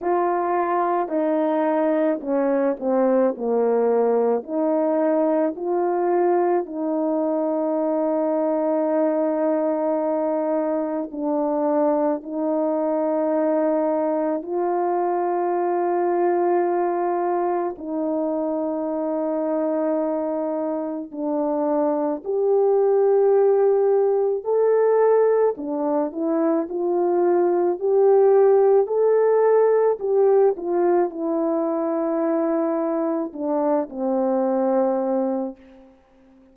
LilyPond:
\new Staff \with { instrumentName = "horn" } { \time 4/4 \tempo 4 = 54 f'4 dis'4 cis'8 c'8 ais4 | dis'4 f'4 dis'2~ | dis'2 d'4 dis'4~ | dis'4 f'2. |
dis'2. d'4 | g'2 a'4 d'8 e'8 | f'4 g'4 a'4 g'8 f'8 | e'2 d'8 c'4. | }